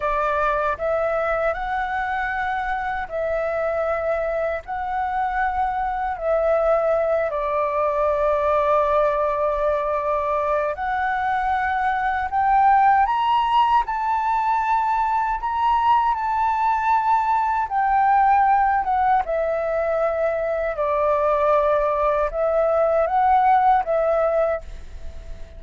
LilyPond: \new Staff \with { instrumentName = "flute" } { \time 4/4 \tempo 4 = 78 d''4 e''4 fis''2 | e''2 fis''2 | e''4. d''2~ d''8~ | d''2 fis''2 |
g''4 ais''4 a''2 | ais''4 a''2 g''4~ | g''8 fis''8 e''2 d''4~ | d''4 e''4 fis''4 e''4 | }